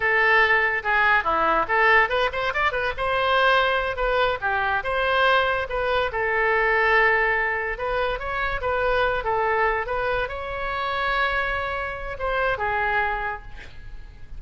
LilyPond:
\new Staff \with { instrumentName = "oboe" } { \time 4/4 \tempo 4 = 143 a'2 gis'4 e'4 | a'4 b'8 c''8 d''8 b'8 c''4~ | c''4. b'4 g'4 c''8~ | c''4. b'4 a'4.~ |
a'2~ a'8 b'4 cis''8~ | cis''8 b'4. a'4. b'8~ | b'8 cis''2.~ cis''8~ | cis''4 c''4 gis'2 | }